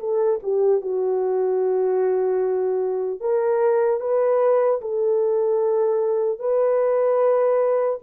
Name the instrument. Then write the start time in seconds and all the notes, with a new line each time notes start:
horn
0.00 A4
0.43 G4
0.81 F#4
3.21 A#4
4.01 B4
4.81 A4
6.40 B4